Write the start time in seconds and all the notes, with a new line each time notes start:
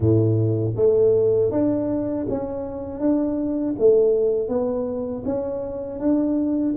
0.00 A2
0.76 A3
1.51 D4
2.29 C#4
3.00 D4
3.79 A3
4.48 B3
5.25 C#4
5.99 D4